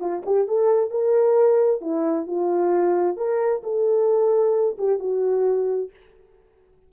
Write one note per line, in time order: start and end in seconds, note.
0.00 0.23 F4
0.25 0.48 G4
0.48 0.90 A4
0.90 1.81 A#4
1.81 2.27 E4
2.27 3.17 F4
3.17 3.62 A#4
3.63 4.77 A4
4.78 4.99 G4
4.99 5.90 F#4